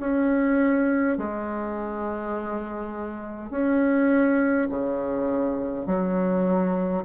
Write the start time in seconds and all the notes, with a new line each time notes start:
0.00 C#4
1.18 G#3
3.51 C#4
4.70 C#3
5.87 F#3